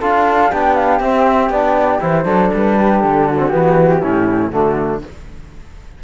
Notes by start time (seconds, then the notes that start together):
0.00 D4 F4 A4 F5
0.50 B3 D4 G4 G5
0.75 F5
0.99 C4 E5
1.49 B3 D4 D5
2.00 E3 E4 C5
2.24 F#3 D4 A4
2.53 G3 B4
2.77 G4
3.00 D3 A4
3.27 F#4
3.38 C4
3.48 E3 B3 G4
4.00 A2 C#4 E4
4.49 D3 A3 D4 F#4